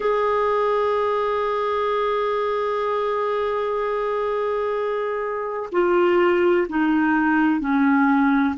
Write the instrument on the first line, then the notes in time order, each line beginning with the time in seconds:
clarinet
0.00 G#4
5.71 F4
6.68 D#4
7.60 C#4